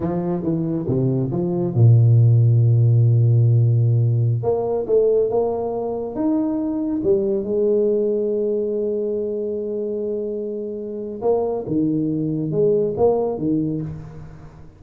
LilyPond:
\new Staff \with { instrumentName = "tuba" } { \time 4/4 \tempo 4 = 139 f4 e4 c4 f4 | ais,1~ | ais,2~ ais,16 ais4 a8.~ | a16 ais2 dis'4.~ dis'16~ |
dis'16 g4 gis2~ gis8.~ | gis1~ | gis2 ais4 dis4~ | dis4 gis4 ais4 dis4 | }